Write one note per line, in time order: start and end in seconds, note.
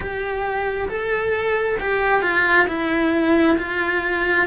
0.00 0.88 G4
0.88 1.78 A4
1.79 2.21 G4
2.21 2.66 F4
2.67 3.57 E4
3.58 4.47 F4